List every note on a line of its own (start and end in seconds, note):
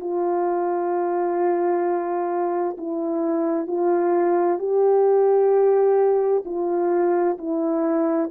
0.00 2.77 F4
2.78 3.67 E4
3.67 4.59 F4
4.59 6.44 G4
6.46 7.38 F4
7.38 8.31 E4